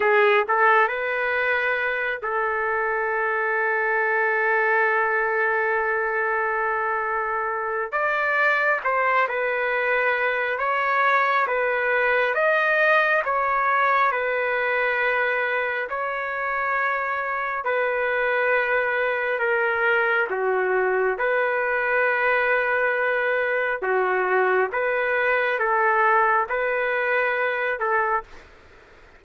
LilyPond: \new Staff \with { instrumentName = "trumpet" } { \time 4/4 \tempo 4 = 68 gis'8 a'8 b'4. a'4.~ | a'1~ | a'4 d''4 c''8 b'4. | cis''4 b'4 dis''4 cis''4 |
b'2 cis''2 | b'2 ais'4 fis'4 | b'2. fis'4 | b'4 a'4 b'4. a'8 | }